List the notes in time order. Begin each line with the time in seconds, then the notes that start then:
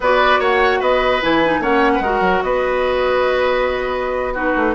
0.00 B3 F#4 B4 D5
0.39 A#3 C#5 F#5
0.79 B3 B4 D#5
1.22 E3 E4 G#5
1.44 D#4
1.59 A#3 C#4 C#5 F#5
1.93 B4
2.00 G#3 F#4 A#4
2.20 F#3
2.42 B3 B4 D#5
4.33 D#4 F#4 B4
4.56 A3